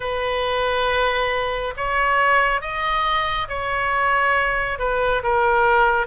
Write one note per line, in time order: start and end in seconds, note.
0.00 1.74 B4
1.76 2.61 C#5
2.61 3.48 D#5
3.48 4.78 C#5
4.78 5.22 B4
5.23 6.06 A#4